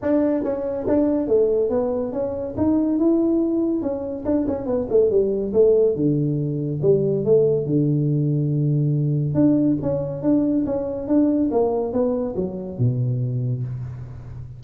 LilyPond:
\new Staff \with { instrumentName = "tuba" } { \time 4/4 \tempo 4 = 141 d'4 cis'4 d'4 a4 | b4 cis'4 dis'4 e'4~ | e'4 cis'4 d'8 cis'8 b8 a8 | g4 a4 d2 |
g4 a4 d2~ | d2 d'4 cis'4 | d'4 cis'4 d'4 ais4 | b4 fis4 b,2 | }